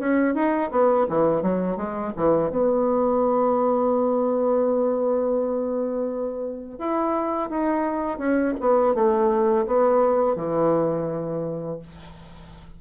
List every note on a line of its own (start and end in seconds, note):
0.00 0.35 C#4
0.35 0.71 D#4
0.71 1.07 B3
1.10 1.43 E3
1.43 1.77 F#3
1.77 2.13 G#3
2.17 2.51 E3
2.51 6.79 B3
6.79 7.50 E4
7.50 8.19 D#4
8.19 8.55 C#4
8.61 8.95 B3
8.95 9.67 A3
9.67 10.36 B3
10.36 11.79 E3